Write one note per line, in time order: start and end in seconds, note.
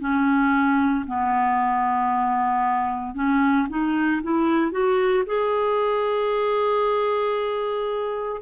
0.00 1.05 C#4
1.07 3.15 B3
3.15 3.67 C#4
3.69 4.22 D#4
4.23 4.71 E4
4.71 5.24 F#4
5.26 8.42 G#4